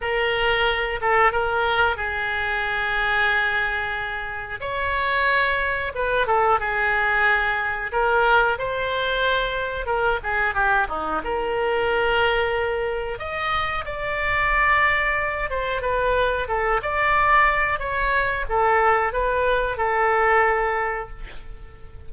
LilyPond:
\new Staff \with { instrumentName = "oboe" } { \time 4/4 \tempo 4 = 91 ais'4. a'8 ais'4 gis'4~ | gis'2. cis''4~ | cis''4 b'8 a'8 gis'2 | ais'4 c''2 ais'8 gis'8 |
g'8 dis'8 ais'2. | dis''4 d''2~ d''8 c''8 | b'4 a'8 d''4. cis''4 | a'4 b'4 a'2 | }